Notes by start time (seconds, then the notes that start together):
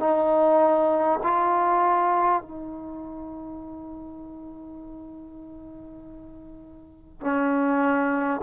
0.00 D#4
1.24 F4
2.42 D#4
7.21 C#4